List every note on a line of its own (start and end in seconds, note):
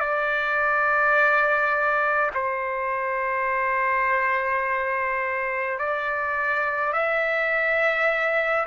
0.00 2.31 D5
2.34 5.80 C5
5.80 6.93 D5
6.93 8.66 E5